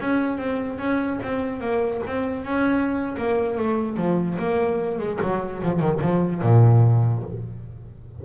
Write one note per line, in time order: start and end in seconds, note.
0.00 0.38 C#4
0.38 0.78 C4
0.78 1.19 C#4
1.22 1.60 C4
1.60 2.01 A#3
2.06 2.44 C4
2.44 3.16 C#4
3.17 3.57 A#3
3.57 3.96 A3
3.96 4.37 F3
4.38 4.98 A#3
4.98 5.19 G#3
5.21 5.62 F#3
5.63 5.80 F3
5.80 6.00 D#3
6.01 6.41 F3
6.41 7.23 A#2